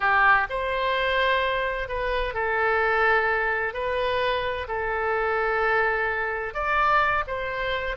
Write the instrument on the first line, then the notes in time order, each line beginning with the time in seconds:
oboe
0.00 G4
0.49 C5
1.88 B4
2.34 A4
3.73 B4
4.68 A4
6.53 D5
7.27 C5